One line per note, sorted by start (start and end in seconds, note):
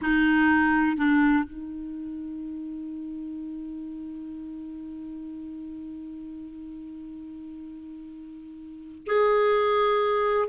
0.01 0.97 D#4
0.97 1.44 D4
1.44 9.06 D#4
9.06 10.48 G#4